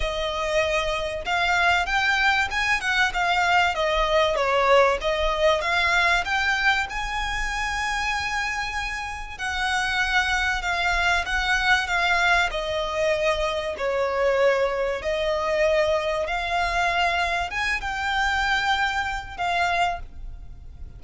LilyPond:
\new Staff \with { instrumentName = "violin" } { \time 4/4 \tempo 4 = 96 dis''2 f''4 g''4 | gis''8 fis''8 f''4 dis''4 cis''4 | dis''4 f''4 g''4 gis''4~ | gis''2. fis''4~ |
fis''4 f''4 fis''4 f''4 | dis''2 cis''2 | dis''2 f''2 | gis''8 g''2~ g''8 f''4 | }